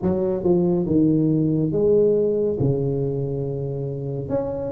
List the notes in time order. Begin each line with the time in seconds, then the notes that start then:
0.02 F#3
0.43 F3
0.86 D#3
1.71 G#3
2.59 C#3
4.28 C#4